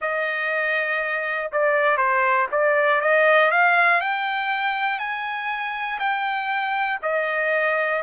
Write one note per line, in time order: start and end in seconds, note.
0.01 1.51 D#5
1.52 1.97 D5
1.97 2.47 C5
2.51 3.00 D5
3.00 3.50 D#5
3.50 4.00 F5
4.00 4.99 G5
4.99 5.99 G#5
5.99 6.99 G5
7.02 8.02 D#5